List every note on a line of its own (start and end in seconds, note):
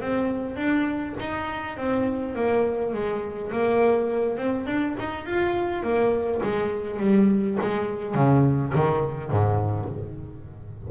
0.00 0.56 C4
0.56 1.14 D4
1.20 1.77 D#4
1.77 2.35 C4
2.35 2.93 A#3
2.93 3.51 G#3
3.51 4.37 A#3
4.37 4.66 C4
4.66 4.95 D4
4.99 5.25 D#4
5.25 5.83 F4
5.83 6.41 A#3
6.43 7.00 G#3
7.00 7.58 G3
7.61 8.14 G#3
8.14 8.72 C#3
8.75 9.31 D#3
9.31 9.89 G#2